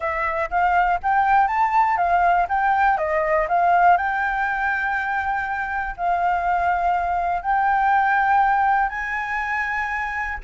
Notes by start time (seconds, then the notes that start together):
0.00 E5
0.50 F5
1.02 G5
1.47 A5
1.97 F5
2.49 G5
2.97 D#5
3.48 F5
3.97 G5
5.96 F5
7.42 G5
8.89 G#5